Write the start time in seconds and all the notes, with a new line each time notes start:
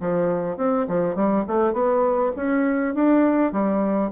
0.00 F3
0.57 C4
0.87 F3
1.15 G3
1.47 A3
1.73 B3
2.36 C#4
2.94 D4
3.52 G3